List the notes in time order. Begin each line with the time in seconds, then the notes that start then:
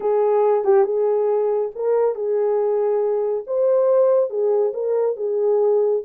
0.00 G#4
0.64 G4
0.84 G#4
1.75 A#4
2.15 G#4
3.46 C5
4.29 G#4
4.73 A#4
5.16 G#4